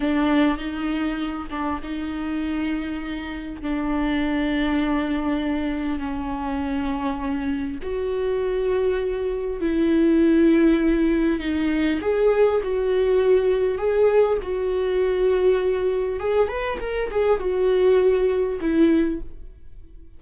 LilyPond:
\new Staff \with { instrumentName = "viola" } { \time 4/4 \tempo 4 = 100 d'4 dis'4. d'8 dis'4~ | dis'2 d'2~ | d'2 cis'2~ | cis'4 fis'2. |
e'2. dis'4 | gis'4 fis'2 gis'4 | fis'2. gis'8 b'8 | ais'8 gis'8 fis'2 e'4 | }